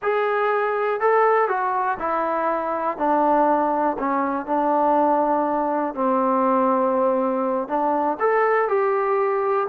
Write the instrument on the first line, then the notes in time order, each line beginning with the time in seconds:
trombone
0.02 G#4
1.00 A4
1.48 F#4
1.99 E4
2.97 D4
3.98 C#4
4.46 D4
5.94 C4
7.68 D4
8.19 A4
8.68 G4